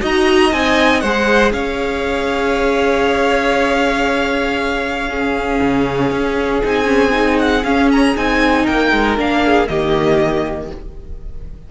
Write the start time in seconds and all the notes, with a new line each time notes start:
0.00 D#4 F#4 D#5 A#5
0.52 C4 D#4 G#5
1.00 G#3 G#4 C5 F#5
1.51 C#4 C#5 F5
5.08 C#4 G#4
5.61 C#3
6.11 C#4
6.63 C4 D#4 G#5
6.85 C#4
7.11 D#4
7.38 F#5
7.63 C#4 F5
7.91 A#5
8.16 C4 D#4 G#5
8.63 A#3 A#4 G5
8.92 G#3
9.17 A#3 D4 F5
9.45 G#4
9.66 D#3 A#3 G4 D#5